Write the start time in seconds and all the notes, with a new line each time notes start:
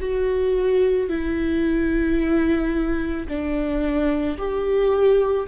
0.00 F#4
1.09 E4
3.28 D4
4.37 G4